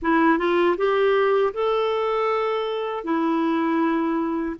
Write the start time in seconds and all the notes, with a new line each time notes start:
0.02 E4
0.38 F4
0.77 G4
1.53 A4
3.04 E4